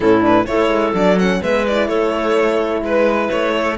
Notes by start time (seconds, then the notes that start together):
0.00 A2 C#4 E4 A4
0.21 D4 B4
0.46 A3 E4 A4 C#5
0.68 G#3
0.94 F#3 D4 D5
1.18 C#4 F#5
1.41 G#3 B3 B4 E5
1.66 E4 D5
1.88 A3 A4 C#5
2.81 G#3 B4
3.30 A3 C#5
3.55 A4